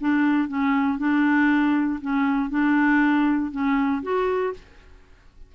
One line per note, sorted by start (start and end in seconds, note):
0.00 0.48 D4
0.48 0.98 C#4
0.98 2.00 D4
2.01 2.50 C#4
2.50 3.51 D4
3.51 4.02 C#4
4.03 4.53 F#4